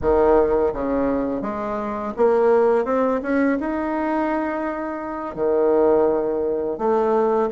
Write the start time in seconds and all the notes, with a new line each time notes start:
0.01 D#3
0.73 C#3
1.41 G#3
2.17 A#3
2.84 C4
3.22 C#4
3.60 D#4
5.35 D#3
6.78 A3